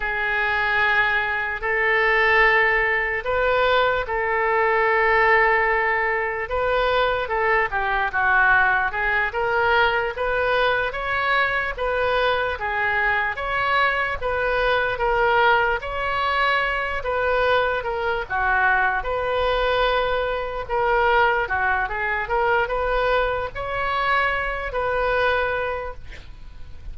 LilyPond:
\new Staff \with { instrumentName = "oboe" } { \time 4/4 \tempo 4 = 74 gis'2 a'2 | b'4 a'2. | b'4 a'8 g'8 fis'4 gis'8 ais'8~ | ais'8 b'4 cis''4 b'4 gis'8~ |
gis'8 cis''4 b'4 ais'4 cis''8~ | cis''4 b'4 ais'8 fis'4 b'8~ | b'4. ais'4 fis'8 gis'8 ais'8 | b'4 cis''4. b'4. | }